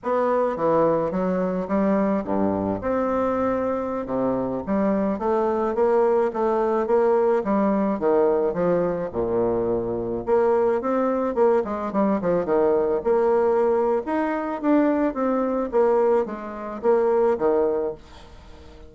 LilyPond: \new Staff \with { instrumentName = "bassoon" } { \time 4/4 \tempo 4 = 107 b4 e4 fis4 g4 | g,4 c'2~ c'16 c8.~ | c16 g4 a4 ais4 a8.~ | a16 ais4 g4 dis4 f8.~ |
f16 ais,2 ais4 c'8.~ | c'16 ais8 gis8 g8 f8 dis4 ais8.~ | ais4 dis'4 d'4 c'4 | ais4 gis4 ais4 dis4 | }